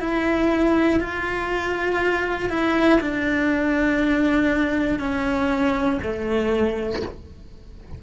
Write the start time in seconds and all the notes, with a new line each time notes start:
0.00 E4
1.00 F4
2.50 E4
3.00 D4
4.99 C#4
6.02 A3